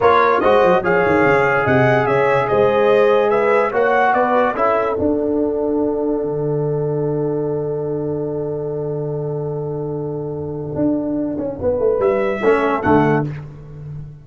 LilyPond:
<<
  \new Staff \with { instrumentName = "trumpet" } { \time 4/4 \tempo 4 = 145 cis''4 dis''4 f''2 | fis''4 e''4 dis''2 | e''4 fis''4 d''4 e''4 | fis''1~ |
fis''1~ | fis''1~ | fis''1~ | fis''4 e''2 fis''4 | }
  \new Staff \with { instrumentName = "horn" } { \time 4/4 ais'4 c''4 cis''2 | dis''4 cis''4 c''2 | b'4 cis''4 b'4 a'4~ | a'1~ |
a'1~ | a'1~ | a'1 | b'2 a'2 | }
  \new Staff \with { instrumentName = "trombone" } { \time 4/4 f'4 fis'4 gis'2~ | gis'1~ | gis'4 fis'2 e'4 | d'1~ |
d'1~ | d'1~ | d'1~ | d'2 cis'4 a4 | }
  \new Staff \with { instrumentName = "tuba" } { \time 4/4 ais4 gis8 fis8 f8 dis8 cis4 | c4 cis4 gis2~ | gis4 ais4 b4 cis'4 | d'2. d4~ |
d1~ | d1~ | d2 d'4. cis'8 | b8 a8 g4 a4 d4 | }
>>